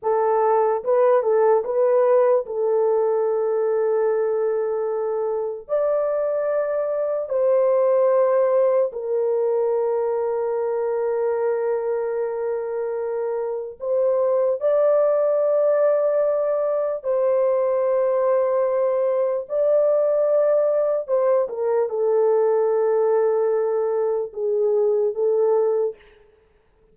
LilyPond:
\new Staff \with { instrumentName = "horn" } { \time 4/4 \tempo 4 = 74 a'4 b'8 a'8 b'4 a'4~ | a'2. d''4~ | d''4 c''2 ais'4~ | ais'1~ |
ais'4 c''4 d''2~ | d''4 c''2. | d''2 c''8 ais'8 a'4~ | a'2 gis'4 a'4 | }